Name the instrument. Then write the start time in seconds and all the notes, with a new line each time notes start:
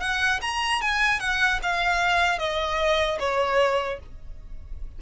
violin
0.00 F#5
0.41 A#5
0.81 G#5
1.19 F#5
1.63 F5
2.38 D#5
3.19 C#5